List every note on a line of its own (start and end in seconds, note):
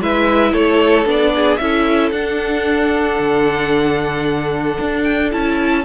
0.00 0.53 G#3
0.00 1.05 E4
0.00 0.52 B4
0.00 0.53 E5
0.52 1.05 A3
0.52 1.32 A4
0.52 1.06 C#5
1.05 1.58 B3
1.05 1.58 D4
1.05 1.57 D5
1.35 1.61 G#4
1.57 2.11 C#4
1.57 2.13 E4
1.57 5.85 A4
1.57 2.10 E5
2.11 3.18 D4
2.11 5.31 D4
2.11 5.03 F#5
3.19 4.78 D3
4.80 5.33 D4
5.03 5.30 G5
5.31 5.85 C#4
5.31 5.84 E4
5.31 5.85 A5